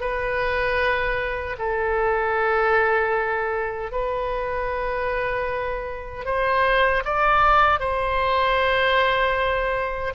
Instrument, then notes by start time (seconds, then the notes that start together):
oboe
0.00 B4
1.58 A4
3.91 B4
6.25 C5
7.04 D5
7.80 C5